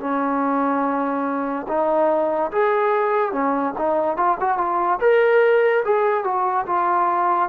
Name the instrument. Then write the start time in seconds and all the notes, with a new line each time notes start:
trombone
0.00 C#4
1.68 D#4
2.52 G#4
3.32 C#4
3.78 D#4
4.17 F4
4.40 F#4
4.58 F4
5.00 A#4
5.84 G#4
6.24 F#4
6.66 F4